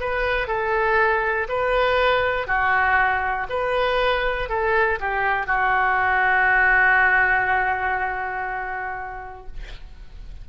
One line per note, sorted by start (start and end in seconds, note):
0.00 0.47 B4
0.47 1.47 A4
1.48 2.47 B4
2.47 3.47 F#4
3.49 4.49 B4
4.49 4.99 A4
5.00 5.46 G4
5.46 9.46 F#4